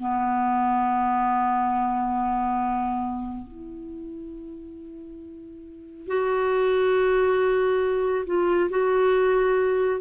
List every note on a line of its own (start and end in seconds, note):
0.00 3.47 B3
3.47 6.08 E4
6.08 8.25 F#4
8.26 8.70 F4
8.70 10.01 F#4